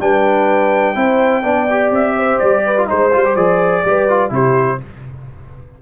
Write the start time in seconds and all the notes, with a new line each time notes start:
0.00 G3 D4 B4 G5
0.95 C4 E4 C5
1.43 B3 D4 D5
1.70 G4
1.91 C4 E5
2.16 C5
2.39 G3 D5
2.65 B4
2.77 F4
2.87 G#3 D#4 C5
3.12 G3 F4
3.25 G4
3.35 F3 G#4 D5
3.85 G3 G4 B4
4.09 F4
4.29 C3 E4 G4 C5